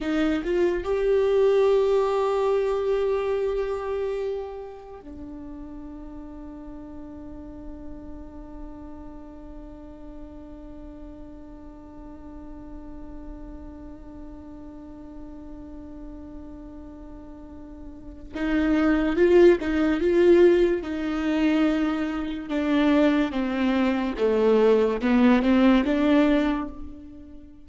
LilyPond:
\new Staff \with { instrumentName = "viola" } { \time 4/4 \tempo 4 = 72 dis'8 f'8 g'2.~ | g'2 d'2~ | d'1~ | d'1~ |
d'1~ | d'2 dis'4 f'8 dis'8 | f'4 dis'2 d'4 | c'4 a4 b8 c'8 d'4 | }